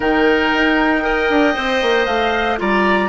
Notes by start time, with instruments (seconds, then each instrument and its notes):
0.00 bassoon D#3, clarinet D#4, oboe A#4, flute G5
0.53 bassoon D#4
1.01 clarinet A#4, oboe D#5
1.30 bassoon D4
1.53 bassoon C4, clarinet C5
1.82 bassoon A#3
2.05 bassoon A3, flute F5
2.57 bassoon G3, clarinet F4, oboe D5, flute A#5